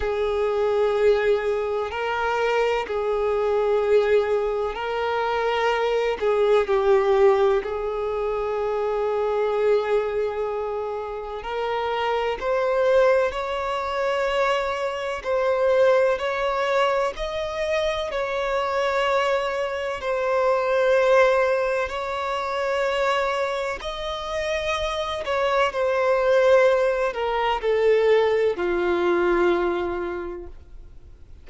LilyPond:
\new Staff \with { instrumentName = "violin" } { \time 4/4 \tempo 4 = 63 gis'2 ais'4 gis'4~ | gis'4 ais'4. gis'8 g'4 | gis'1 | ais'4 c''4 cis''2 |
c''4 cis''4 dis''4 cis''4~ | cis''4 c''2 cis''4~ | cis''4 dis''4. cis''8 c''4~ | c''8 ais'8 a'4 f'2 | }